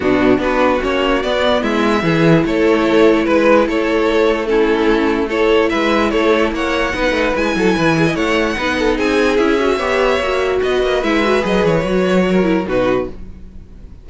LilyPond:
<<
  \new Staff \with { instrumentName = "violin" } { \time 4/4 \tempo 4 = 147 fis'4 b'4 cis''4 d''4 | e''2 cis''2 | b'4 cis''2 a'4~ | a'4 cis''4 e''4 cis''4 |
fis''2 gis''2 | fis''2 gis''4 e''4~ | e''2 dis''4 e''4 | dis''8 cis''2~ cis''8 b'4 | }
  \new Staff \with { instrumentName = "violin" } { \time 4/4 d'4 fis'2. | e'4 gis'4 a'2 | b'4 a'2 e'4~ | e'4 a'4 b'4 a'4 |
cis''4 b'4. a'8 b'8 gis'16 dis''16 | cis''4 b'8 a'8 gis'2 | cis''2 b'2~ | b'2 ais'4 fis'4 | }
  \new Staff \with { instrumentName = "viola" } { \time 4/4 b4 d'4 cis'4 b4~ | b4 e'2.~ | e'2. cis'4~ | cis'4 e'2.~ |
e'4 dis'4 e'2~ | e'4 dis'2 e'8 fis'8 | g'4 fis'2 e'8 fis'8 | gis'4 fis'4. e'8 dis'4 | }
  \new Staff \with { instrumentName = "cello" } { \time 4/4 b,4 b4 ais4 b4 | gis4 e4 a2 | gis4 a2.~ | a2 gis4 a4 |
ais4 b8 a8 gis8 fis8 e4 | a4 b4 c'4 cis'4 | b4 ais4 b8 ais8 gis4 | fis8 e8 fis2 b,4 | }
>>